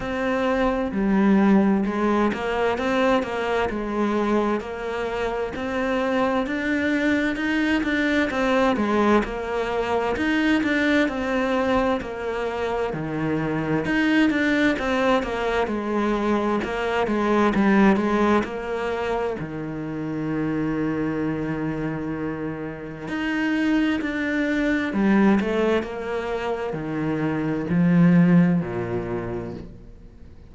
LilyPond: \new Staff \with { instrumentName = "cello" } { \time 4/4 \tempo 4 = 65 c'4 g4 gis8 ais8 c'8 ais8 | gis4 ais4 c'4 d'4 | dis'8 d'8 c'8 gis8 ais4 dis'8 d'8 | c'4 ais4 dis4 dis'8 d'8 |
c'8 ais8 gis4 ais8 gis8 g8 gis8 | ais4 dis2.~ | dis4 dis'4 d'4 g8 a8 | ais4 dis4 f4 ais,4 | }